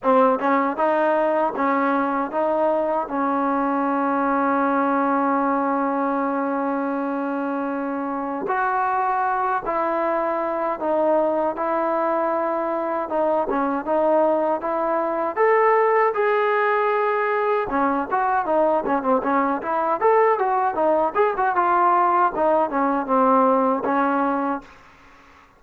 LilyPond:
\new Staff \with { instrumentName = "trombone" } { \time 4/4 \tempo 4 = 78 c'8 cis'8 dis'4 cis'4 dis'4 | cis'1~ | cis'2. fis'4~ | fis'8 e'4. dis'4 e'4~ |
e'4 dis'8 cis'8 dis'4 e'4 | a'4 gis'2 cis'8 fis'8 | dis'8 cis'16 c'16 cis'8 e'8 a'8 fis'8 dis'8 gis'16 fis'16 | f'4 dis'8 cis'8 c'4 cis'4 | }